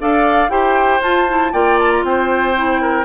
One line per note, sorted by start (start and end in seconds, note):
0.00 0.49 D4
0.00 0.49 A4
0.00 0.51 D5
0.00 0.49 F5
0.49 1.00 E4
0.49 1.00 G4
0.49 1.52 C5
0.49 1.01 G5
1.00 1.52 F4
1.00 1.27 F4
1.00 1.53 A5
1.28 1.52 E4
1.52 2.03 A#3
1.52 2.55 F4
1.52 2.04 D5
1.52 1.78 G5
1.79 1.91 A5
1.91 2.04 A#5
2.03 3.04 C4
2.03 2.81 C5
2.03 3.04 G5
2.56 3.04 E4
2.81 3.04 A#4